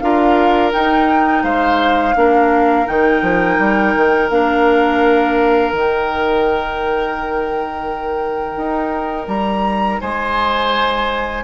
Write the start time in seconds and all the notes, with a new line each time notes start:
0.00 D4 F4 A#4 F5
0.72 D#4 G5
1.44 G#3 C5 F5
2.15 A#3 D4 A#4
2.86 D#3 D#4 G5
3.22 F3
3.59 G3
3.96 D#3
4.31 A#3 D4 F5
5.73 D#3 D#4 G5
8.57 D#4
9.28 G3 A#5
10.01 G#3 C5 G#5